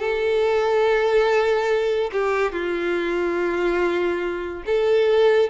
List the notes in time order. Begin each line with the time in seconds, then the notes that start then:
0.00 A4
2.12 G4
2.52 F4
4.66 A4